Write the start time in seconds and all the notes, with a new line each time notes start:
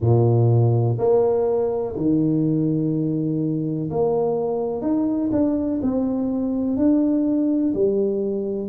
0.00 A#2
0.98 A#3
1.96 D#3
3.90 A#3
4.81 D#4
5.31 D4
5.82 C4
6.76 D4
7.74 G3